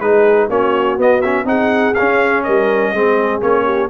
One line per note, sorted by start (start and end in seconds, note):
0.00 0.49 G#3
0.00 0.50 D#4
0.00 0.48 G#4
0.00 0.49 B4
0.48 0.98 A#3
0.48 0.98 C#4
0.48 1.46 F#4
0.48 0.99 C#5
0.98 1.45 B3
0.98 1.23 B3
0.98 1.21 D#5
1.21 1.45 C#4
1.21 1.46 E5
1.45 1.93 C4
1.45 1.94 D#4
1.45 2.45 G#4
1.45 1.94 F#5
1.94 2.95 C#4
1.94 2.48 C#4
1.94 2.43 F5
2.44 2.93 G3
2.44 2.93 A#4
2.44 3.41 D#5
2.93 3.42 G#3
2.93 3.41 C4
2.93 3.65 G#4
3.41 3.90 A#3
3.41 3.90 C#4
3.41 3.90 C#5
3.65 3.89 G4